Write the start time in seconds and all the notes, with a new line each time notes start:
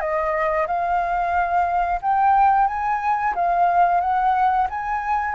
0.00 D#5
0.67 F5
2.02 G5
2.68 G#5
3.35 F5
4.01 F#5
4.70 G#5